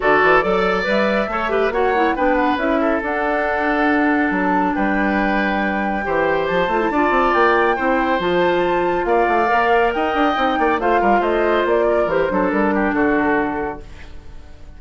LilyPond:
<<
  \new Staff \with { instrumentName = "flute" } { \time 4/4 \tempo 4 = 139 d''2 e''2 | fis''4 g''8 fis''8 e''4 fis''4~ | fis''2 a''4 g''4~ | g''2. a''4~ |
a''4 g''2 a''4~ | a''4 f''2 g''4~ | g''4 f''4 dis''4 d''4 | c''4 ais'4 a'2 | }
  \new Staff \with { instrumentName = "oboe" } { \time 4/4 a'4 d''2 cis''8 b'8 | cis''4 b'4. a'4.~ | a'2. b'4~ | b'2 c''2 |
d''2 c''2~ | c''4 d''2 dis''4~ | dis''8 d''8 c''8 ais'8 c''4. ais'8~ | ais'8 a'4 g'8 fis'2 | }
  \new Staff \with { instrumentName = "clarinet" } { \time 4/4 fis'4 a'4 b'4 a'8 g'8 | fis'8 e'8 d'4 e'4 d'4~ | d'1~ | d'2 g'4. f'16 e'16 |
f'2 e'4 f'4~ | f'2 ais'2 | dis'4 f'2. | g'8 d'2.~ d'8 | }
  \new Staff \with { instrumentName = "bassoon" } { \time 4/4 d8 e8 fis4 g4 a4 | ais4 b4 cis'4 d'4~ | d'2 fis4 g4~ | g2 e4 f8 a8 |
d'8 c'8 ais4 c'4 f4~ | f4 ais8 a8 ais4 dis'8 d'8 | c'8 ais8 a8 g8 a4 ais4 | e8 fis8 g4 d2 | }
>>